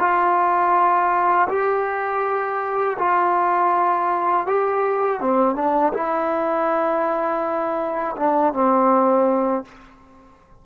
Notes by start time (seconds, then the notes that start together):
0.00 F4
1.49 G4
2.99 F4
4.47 G4
5.21 C4
5.56 D4
5.94 E4
8.17 D4
8.54 C4